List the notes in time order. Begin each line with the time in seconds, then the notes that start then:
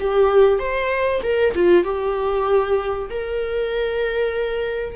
0.00 G4
0.59 C5
1.23 A#4
1.55 F4
1.84 G4
3.10 A#4